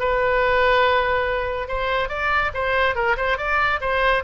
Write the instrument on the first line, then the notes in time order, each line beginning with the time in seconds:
oboe
0.00 B4
1.68 C5
2.09 D5
2.54 C5
2.96 A#4
3.17 C5
3.38 D5
3.81 C5